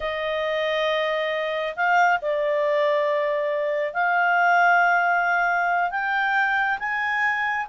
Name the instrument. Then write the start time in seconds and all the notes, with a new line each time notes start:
clarinet
0.00 D#5
1.75 F5
2.21 D5
3.93 F5
5.90 G5
6.79 G#5